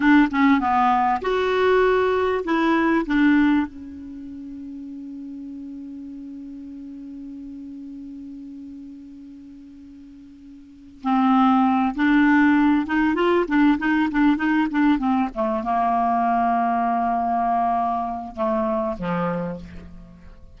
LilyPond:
\new Staff \with { instrumentName = "clarinet" } { \time 4/4 \tempo 4 = 98 d'8 cis'8 b4 fis'2 | e'4 d'4 cis'2~ | cis'1~ | cis'1~ |
cis'2 c'4. d'8~ | d'4 dis'8 f'8 d'8 dis'8 d'8 dis'8 | d'8 c'8 a8 ais2~ ais8~ | ais2 a4 f4 | }